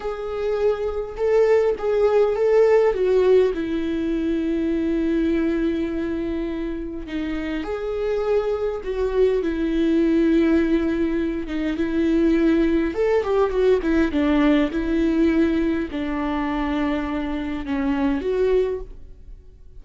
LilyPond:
\new Staff \with { instrumentName = "viola" } { \time 4/4 \tempo 4 = 102 gis'2 a'4 gis'4 | a'4 fis'4 e'2~ | e'1 | dis'4 gis'2 fis'4 |
e'2.~ e'8 dis'8 | e'2 a'8 g'8 fis'8 e'8 | d'4 e'2 d'4~ | d'2 cis'4 fis'4 | }